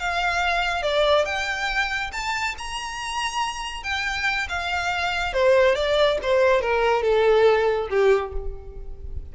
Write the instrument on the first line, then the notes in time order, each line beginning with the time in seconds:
violin
0.00 F5
0.83 D5
1.26 G5
2.13 A5
2.58 A#5
3.84 G5
4.49 F5
5.34 C5
5.76 D5
6.23 C5
6.62 A#4
7.03 A4
7.91 G4